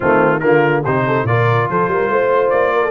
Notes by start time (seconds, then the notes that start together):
0.00 D#3 A3 C4 F4
0.39 D3 A#3 F4 A#4
0.83 C3 D#4 G4 C5
1.07 A4
1.23 A#2 F4 A#4 D5
1.69 F3 A4 C5
1.87 G3 A#4
2.08 A3 C5
2.49 A#3 D5
2.73 A#4
2.83 A4